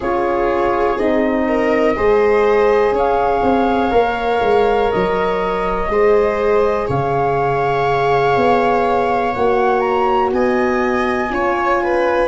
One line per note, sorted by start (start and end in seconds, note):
0.00 0.98 C#4
0.00 0.98 F4
0.00 1.46 G#4
0.00 0.98 C#5
0.98 1.96 C4
0.98 1.95 D#4
0.98 2.95 D#5
1.48 1.97 A#4
1.95 2.91 G#3
1.95 3.91 G#4
1.95 2.95 C5
2.91 3.41 C#4
2.91 5.90 C#5
2.91 4.91 F5
3.42 3.91 C4
3.91 4.41 A#3
3.91 5.87 A#4
4.41 4.90 G#3
4.91 5.88 F#3
4.91 6.87 D#5
5.88 6.86 G#3
5.88 9.34 G#4
5.88 6.87 C5
6.87 8.36 C#3
6.87 10.31 C#5
6.87 9.34 F5
8.36 9.34 B3
9.34 10.32 A#3
9.34 11.29 F#4
9.34 9.80 F#5
9.80 10.29 A#5
10.32 11.30 B3
10.32 11.33 D#5
10.32 12.28 G#5
11.29 12.28 C#4
11.29 12.27 F4
11.29 11.83 C#5
11.83 12.28 B4